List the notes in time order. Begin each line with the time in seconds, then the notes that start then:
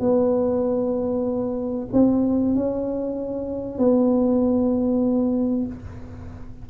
0.00 B3
1.93 C4
2.55 C#4
3.79 B3